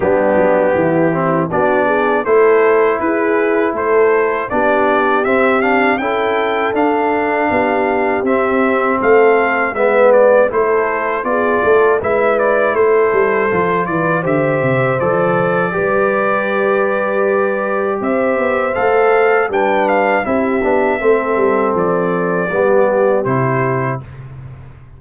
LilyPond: <<
  \new Staff \with { instrumentName = "trumpet" } { \time 4/4 \tempo 4 = 80 g'2 d''4 c''4 | b'4 c''4 d''4 e''8 f''8 | g''4 f''2 e''4 | f''4 e''8 d''8 c''4 d''4 |
e''8 d''8 c''4. d''8 e''4 | d''1 | e''4 f''4 g''8 f''8 e''4~ | e''4 d''2 c''4 | }
  \new Staff \with { instrumentName = "horn" } { \time 4/4 d'4 e'4 fis'8 gis'8 a'4 | gis'4 a'4 g'2 | a'2 g'2 | a'4 b'4 a'4 gis'8 a'8 |
b'4 a'4. b'8 c''4~ | c''4 b'2. | c''2 b'4 g'4 | a'2 g'2 | }
  \new Staff \with { instrumentName = "trombone" } { \time 4/4 b4. c'8 d'4 e'4~ | e'2 d'4 c'8 d'8 | e'4 d'2 c'4~ | c'4 b4 e'4 f'4 |
e'2 f'4 g'4 | a'4 g'2.~ | g'4 a'4 d'4 e'8 d'8 | c'2 b4 e'4 | }
  \new Staff \with { instrumentName = "tuba" } { \time 4/4 g8 fis8 e4 b4 a4 | e'4 a4 b4 c'4 | cis'4 d'4 b4 c'4 | a4 gis4 a4 b8 a8 |
gis4 a8 g8 f8 e8 d8 c8 | f4 g2. | c'8 b8 a4 g4 c'8 b8 | a8 g8 f4 g4 c4 | }
>>